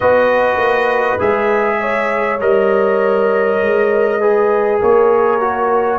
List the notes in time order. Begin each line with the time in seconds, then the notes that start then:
0.00 B3 F#4 B4 D#5
0.57 A#3
1.18 G#3 G#4 E5
1.80 C#5
2.40 G3 A#4 D#5
3.60 G#3
4.20 G#4 B4
4.79 A#3 A#4 C#5
5.40 F#4